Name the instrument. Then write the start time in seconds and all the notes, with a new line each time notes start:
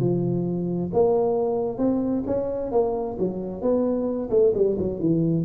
tuba
0.00 F3
0.93 A#3
1.78 C4
2.27 C#4
2.72 A#3
3.19 F#3
3.62 B3
4.30 A3
4.55 G3
4.79 F#3
5.00 E3